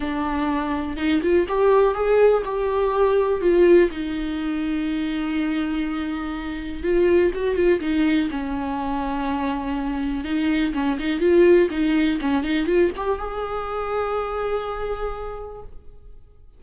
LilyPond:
\new Staff \with { instrumentName = "viola" } { \time 4/4 \tempo 4 = 123 d'2 dis'8 f'8 g'4 | gis'4 g'2 f'4 | dis'1~ | dis'2 f'4 fis'8 f'8 |
dis'4 cis'2.~ | cis'4 dis'4 cis'8 dis'8 f'4 | dis'4 cis'8 dis'8 f'8 g'8 gis'4~ | gis'1 | }